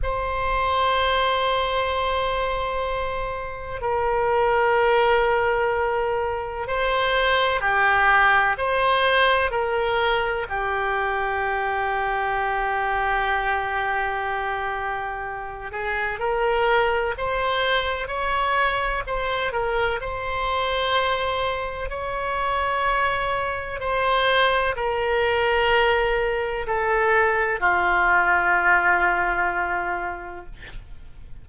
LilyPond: \new Staff \with { instrumentName = "oboe" } { \time 4/4 \tempo 4 = 63 c''1 | ais'2. c''4 | g'4 c''4 ais'4 g'4~ | g'1~ |
g'8 gis'8 ais'4 c''4 cis''4 | c''8 ais'8 c''2 cis''4~ | cis''4 c''4 ais'2 | a'4 f'2. | }